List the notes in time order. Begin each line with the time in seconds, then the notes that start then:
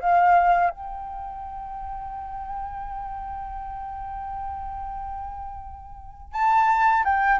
0.00 F5
0.70 G5
6.33 A5
7.04 G5